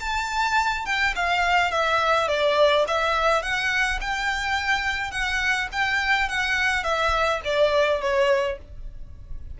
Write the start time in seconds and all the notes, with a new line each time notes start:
0.00 A5
0.85 G5
1.16 F5
1.71 E5
2.28 D5
2.87 E5
3.42 F#5
4.01 G5
5.11 F#5
5.72 G5
6.29 F#5
6.84 E5
7.44 D5
8.01 C#5